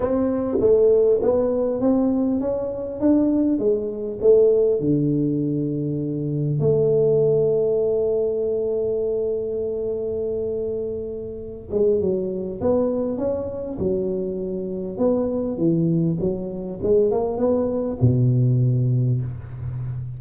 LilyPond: \new Staff \with { instrumentName = "tuba" } { \time 4/4 \tempo 4 = 100 c'4 a4 b4 c'4 | cis'4 d'4 gis4 a4 | d2. a4~ | a1~ |
a2.~ a8 gis8 | fis4 b4 cis'4 fis4~ | fis4 b4 e4 fis4 | gis8 ais8 b4 b,2 | }